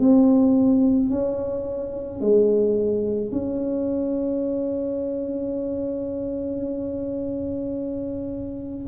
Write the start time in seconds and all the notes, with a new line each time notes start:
0.00 C4
1.10 C#4
2.21 G#3
3.32 C#4